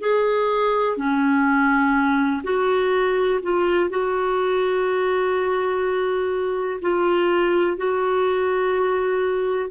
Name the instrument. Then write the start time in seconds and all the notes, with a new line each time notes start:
clarinet
0.00 G#4
0.97 C#4
2.43 F#4
3.43 F4
3.90 F#4
6.81 F4
7.77 F#4